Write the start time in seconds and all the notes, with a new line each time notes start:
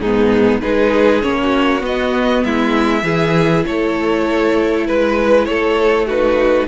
0.00 G#2 B3 D#4 G#4
0.61 G#3 D#4 G#4 B4
1.22 A#3 C#4 C#5
1.42 F#4
1.80 B3 D#5
2.44 G#3 E4 E5
3.03 E3 E4 G#4
3.66 A3 A4 C#5
4.87 G#3 B4
5.45 A3 A4 C#5
6.06 D#4 F#4 B4